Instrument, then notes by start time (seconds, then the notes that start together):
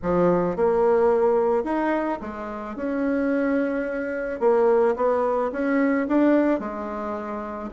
bassoon
0.02 F3
0.56 A#3
1.63 D#4
2.21 G#3
2.76 C#4
4.40 A#3
4.96 B3
5.52 C#4
6.08 D4
6.59 G#3